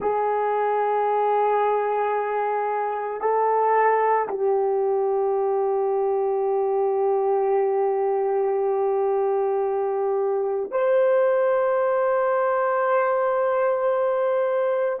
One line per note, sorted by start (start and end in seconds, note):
0.00 3.20 G#4
3.20 4.28 A4
4.28 10.71 G4
10.71 15.00 C5